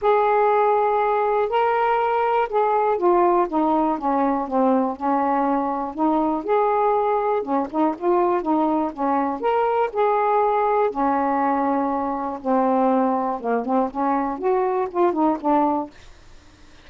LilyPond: \new Staff \with { instrumentName = "saxophone" } { \time 4/4 \tempo 4 = 121 gis'2. ais'4~ | ais'4 gis'4 f'4 dis'4 | cis'4 c'4 cis'2 | dis'4 gis'2 cis'8 dis'8 |
f'4 dis'4 cis'4 ais'4 | gis'2 cis'2~ | cis'4 c'2 ais8 c'8 | cis'4 fis'4 f'8 dis'8 d'4 | }